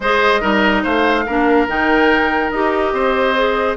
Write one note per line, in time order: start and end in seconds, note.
0.00 0.41 G#3
0.00 0.40 G#4
0.00 0.41 C5
0.00 0.84 D#5
0.40 0.84 G3
0.40 1.24 D#4
0.40 0.83 A#4
0.83 1.27 A3
0.83 1.25 C5
0.83 1.68 F5
1.26 1.67 A#3
1.26 1.67 D4
1.26 2.93 A#4
1.67 2.51 D#3
1.67 2.51 D#4
1.67 2.50 G5
2.50 2.93 D#4
2.50 3.35 G4
2.50 3.76 D#5
2.93 3.76 C4
2.93 3.76 C5
3.35 3.76 G#4